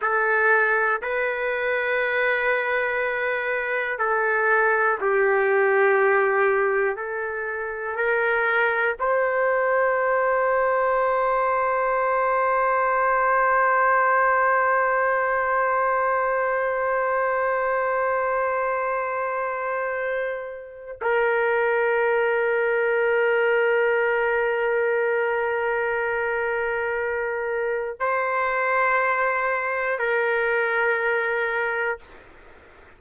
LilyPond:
\new Staff \with { instrumentName = "trumpet" } { \time 4/4 \tempo 4 = 60 a'4 b'2. | a'4 g'2 a'4 | ais'4 c''2.~ | c''1~ |
c''1~ | c''4 ais'2.~ | ais'1 | c''2 ais'2 | }